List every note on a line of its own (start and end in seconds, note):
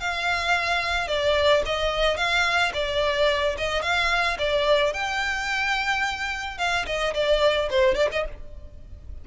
0.00 1.08 F5
1.08 1.63 D5
1.66 2.17 D#5
2.17 2.72 F5
2.73 3.56 D5
3.58 3.82 D#5
3.82 4.37 F5
4.39 4.93 D5
4.93 6.58 G5
6.58 6.86 F5
6.86 7.14 D#5
7.14 7.69 D5
7.70 7.95 C5
7.95 8.09 D5
8.12 8.25 D#5